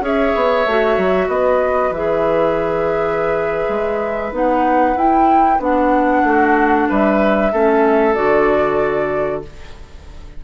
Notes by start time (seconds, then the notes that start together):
0.00 C#4 G#4 C#5 E5
0.35 B3
0.66 A3 F#4
0.97 F#3
1.28 B3 B4 D#5
1.90 E3 G#4 E5
3.68 G#3
4.32 B3 D#4 F#5
4.95 E4 G5
5.59 B3 D4 F#5
6.24 A3 F#4
6.89 G3 B4 E5
7.52 A3 C#4 A4
8.14 D3 F#4 D5